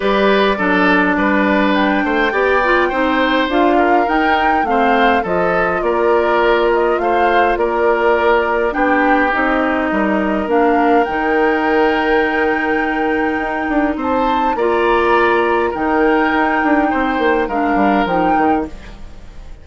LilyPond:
<<
  \new Staff \with { instrumentName = "flute" } { \time 4/4 \tempo 4 = 103 d''2. g''4~ | g''2 f''4 g''4 | f''4 dis''4 d''4. dis''8 | f''4 d''2 g''4 |
dis''2 f''4 g''4~ | g''1 | a''4 ais''2 g''4~ | g''2 f''4 g''4 | }
  \new Staff \with { instrumentName = "oboe" } { \time 4/4 b'4 a'4 b'4. c''8 | d''4 c''4. ais'4. | c''4 a'4 ais'2 | c''4 ais'2 g'4~ |
g'4 ais'2.~ | ais'1 | c''4 d''2 ais'4~ | ais'4 c''4 ais'2 | }
  \new Staff \with { instrumentName = "clarinet" } { \time 4/4 g'4 d'2. | g'8 f'8 dis'4 f'4 dis'4 | c'4 f'2.~ | f'2. d'4 |
dis'2 d'4 dis'4~ | dis'1~ | dis'4 f'2 dis'4~ | dis'2 d'4 dis'4 | }
  \new Staff \with { instrumentName = "bassoon" } { \time 4/4 g4 fis4 g4. a8 | b4 c'4 d'4 dis'4 | a4 f4 ais2 | a4 ais2 b4 |
c'4 g4 ais4 dis4~ | dis2. dis'8 d'8 | c'4 ais2 dis4 | dis'8 d'8 c'8 ais8 gis8 g8 f8 dis8 | }
>>